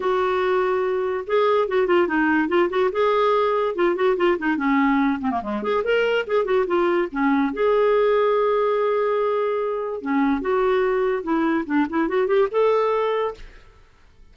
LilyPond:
\new Staff \with { instrumentName = "clarinet" } { \time 4/4 \tempo 4 = 144 fis'2. gis'4 | fis'8 f'8 dis'4 f'8 fis'8 gis'4~ | gis'4 f'8 fis'8 f'8 dis'8 cis'4~ | cis'8 c'16 ais16 gis8 gis'8 ais'4 gis'8 fis'8 |
f'4 cis'4 gis'2~ | gis'1 | cis'4 fis'2 e'4 | d'8 e'8 fis'8 g'8 a'2 | }